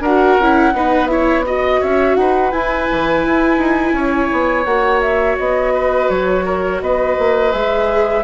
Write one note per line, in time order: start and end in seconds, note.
0.00 0.36 D4
0.00 0.41 F#4
0.00 0.73 A#4
0.00 1.06 F#5
0.39 0.73 C#4
0.39 0.74 E4
0.73 1.80 B3
0.73 1.08 D#4
0.73 1.11 B4
1.06 1.44 E4
1.06 1.45 C#5
1.06 1.42 E5
1.45 2.51 F#4
1.45 1.80 D#5
1.45 1.82 D#5
1.80 2.16 C#4
1.80 2.16 C#5
1.80 2.15 E5
2.15 2.52 D#4
2.15 3.94 B4
2.15 2.51 F#5
2.51 4.66 E4
2.51 2.88 E4
2.51 4.64 G#5
2.91 3.26 E3
3.26 3.58 E4
3.58 3.92 D#4
3.92 4.28 C#4
3.92 5.73 C#5
4.31 4.65 B3
4.64 5.37 A#3
4.64 7.51 F#4
4.64 5.00 F#5
5.01 5.36 E5
5.38 6.09 B3
5.38 6.09 D#5
5.73 6.44 B4
6.09 6.81 F#3
6.09 6.80 C#5
6.44 6.80 A#4
6.81 7.17 B3
6.81 8.23 B4
6.81 7.52 D#5
7.18 7.53 A#3
7.51 8.23 G#3
7.51 8.23 G#4
7.51 8.23 E5